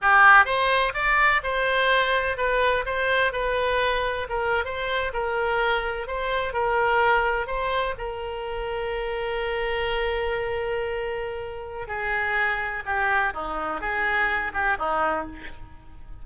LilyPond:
\new Staff \with { instrumentName = "oboe" } { \time 4/4 \tempo 4 = 126 g'4 c''4 d''4 c''4~ | c''4 b'4 c''4 b'4~ | b'4 ais'8. c''4 ais'4~ ais'16~ | ais'8. c''4 ais'2 c''16~ |
c''8. ais'2.~ ais'16~ | ais'1~ | ais'4 gis'2 g'4 | dis'4 gis'4. g'8 dis'4 | }